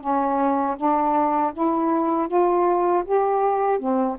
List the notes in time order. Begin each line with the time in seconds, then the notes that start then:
0.00 C#4
0.76 D4
1.53 E4
2.28 F4
3.04 G4
3.79 C4